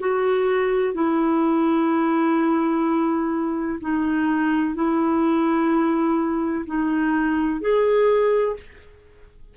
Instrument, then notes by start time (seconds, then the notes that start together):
clarinet
0.00 F#4
0.94 E4
3.81 D#4
4.75 E4
6.66 D#4
7.61 G#4